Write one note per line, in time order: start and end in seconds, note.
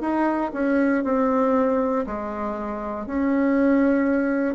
0.00 0.51 D#4
0.53 1.04 C#4
1.04 2.05 C4
2.06 3.06 G#3
3.06 4.55 C#4